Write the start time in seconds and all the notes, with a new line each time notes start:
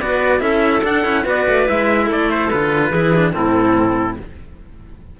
0.00 B3 F#4 B4 D5
0.39 C#4 E4 A4 E5
0.83 D4 F#5
1.03 C#4 E4
1.24 B3 F#4 B4 D5
1.47 A3
1.65 G#3 E4 E5
2.05 A3 A4 D5
2.30 C5
2.50 D3 F4 B4
2.89 E3 E4 G#4
3.15 D4
3.32 A2 C4 E4 A4